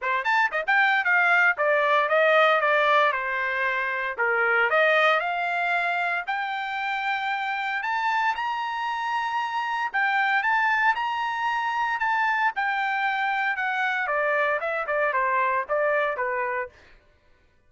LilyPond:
\new Staff \with { instrumentName = "trumpet" } { \time 4/4 \tempo 4 = 115 c''8 a''8 dis''16 g''8. f''4 d''4 | dis''4 d''4 c''2 | ais'4 dis''4 f''2 | g''2. a''4 |
ais''2. g''4 | a''4 ais''2 a''4 | g''2 fis''4 d''4 | e''8 d''8 c''4 d''4 b'4 | }